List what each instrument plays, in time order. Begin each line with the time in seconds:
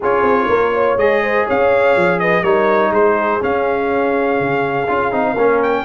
0.00 tuba C#4, trombone F4, horn G#4, trumpet C#5
0.22 tuba C4
0.48 tuba A#3, horn A#4
0.73 horn C#5
0.96 tuba G#3, trombone G#4, trumpet D#5
1.22 horn C5
1.46 tuba C#4, horn C#5, trumpet F5
1.96 tuba F3
2.19 horn B4, trumpet D#5
2.42 tuba G3, trombone D#4, horn A#4, trumpet C#5
2.90 tuba G#3, horn G#4, trumpet C5
3.40 trombone C#4, tuba C#4, trumpet F5
4.39 tuba C#3
4.88 tuba C#4, trombone F4
5.11 tuba C4, trombone D#4
5.32 tuba A#3, trombone C#4, horn A#4
5.63 trumpet G5